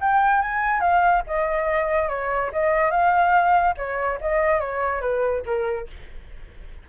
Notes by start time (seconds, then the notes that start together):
0.00 G5
0.41 G#5
0.80 F5
1.26 D#5
2.08 C#5
2.52 D#5
2.90 F5
3.77 C#5
4.20 D#5
4.60 C#5
5.01 B4
5.45 A#4